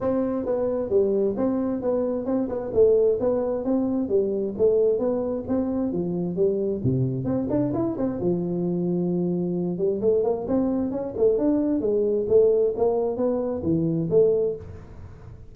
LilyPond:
\new Staff \with { instrumentName = "tuba" } { \time 4/4 \tempo 4 = 132 c'4 b4 g4 c'4 | b4 c'8 b8 a4 b4 | c'4 g4 a4 b4 | c'4 f4 g4 c4 |
c'8 d'8 e'8 c'8 f2~ | f4. g8 a8 ais8 c'4 | cis'8 a8 d'4 gis4 a4 | ais4 b4 e4 a4 | }